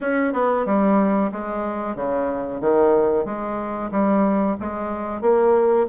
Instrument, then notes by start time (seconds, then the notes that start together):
bassoon
0.01 C#4
0.33 B3
0.65 G3
1.32 G#3
1.95 C#3
2.61 D#3
3.25 G#3
3.91 G3
4.60 G#3
5.21 A#3